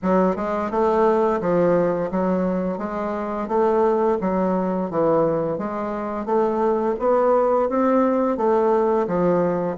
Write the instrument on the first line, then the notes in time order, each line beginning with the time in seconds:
bassoon
0.02 F#3
0.36 G#3
0.70 A3
1.40 F3
2.11 F#3
2.78 G#3
3.48 A3
4.20 F#3
4.90 E3
5.58 G#3
6.25 A3
6.99 B3
7.69 C4
8.37 A3
9.07 F3